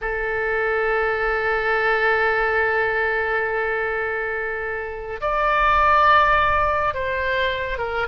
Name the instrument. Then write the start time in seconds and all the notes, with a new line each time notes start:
oboe
0.01 A4
5.21 D5
6.94 C5
7.78 A#4